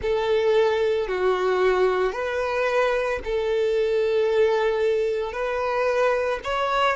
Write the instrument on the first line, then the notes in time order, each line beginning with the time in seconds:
violin
0.01 A4
1.08 F#4
2.12 B4
3.24 A4
5.32 B4
6.44 C#5